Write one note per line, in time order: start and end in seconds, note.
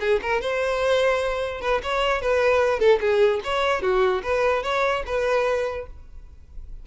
0.00 0.20 G#4
0.22 0.41 A#4
0.41 1.61 C5
1.61 1.81 B4
1.83 2.21 C#5
2.21 2.79 B4
2.79 2.99 A4
3.00 3.41 G#4
3.44 3.82 C#5
3.82 4.22 F#4
4.23 4.63 B4
4.63 5.03 C#5
5.06 5.86 B4